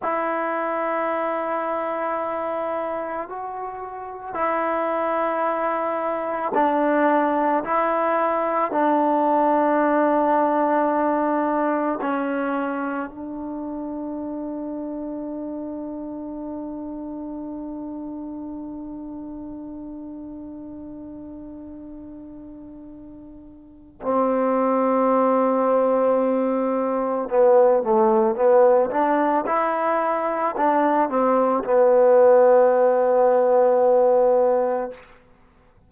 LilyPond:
\new Staff \with { instrumentName = "trombone" } { \time 4/4 \tempo 4 = 55 e'2. fis'4 | e'2 d'4 e'4 | d'2. cis'4 | d'1~ |
d'1~ | d'2 c'2~ | c'4 b8 a8 b8 d'8 e'4 | d'8 c'8 b2. | }